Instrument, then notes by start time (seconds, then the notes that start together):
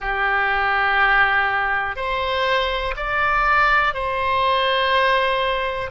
oboe
0.00 G4
1.95 C5
2.96 D5
3.93 C5